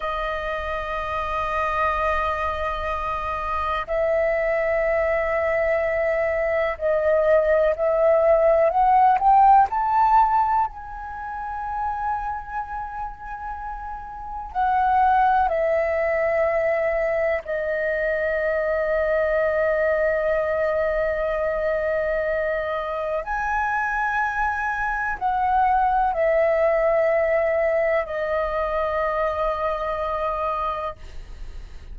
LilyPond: \new Staff \with { instrumentName = "flute" } { \time 4/4 \tempo 4 = 62 dis''1 | e''2. dis''4 | e''4 fis''8 g''8 a''4 gis''4~ | gis''2. fis''4 |
e''2 dis''2~ | dis''1 | gis''2 fis''4 e''4~ | e''4 dis''2. | }